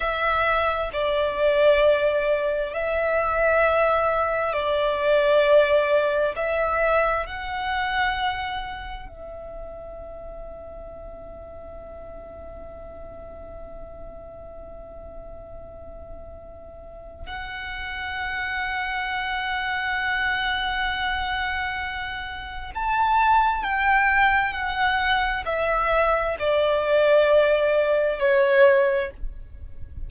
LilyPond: \new Staff \with { instrumentName = "violin" } { \time 4/4 \tempo 4 = 66 e''4 d''2 e''4~ | e''4 d''2 e''4 | fis''2 e''2~ | e''1~ |
e''2. fis''4~ | fis''1~ | fis''4 a''4 g''4 fis''4 | e''4 d''2 cis''4 | }